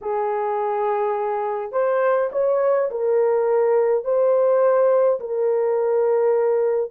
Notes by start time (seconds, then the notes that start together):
0.01 G#4
1.72 C5
2.32 C#5
2.90 A#4
4.04 C5
5.19 A#4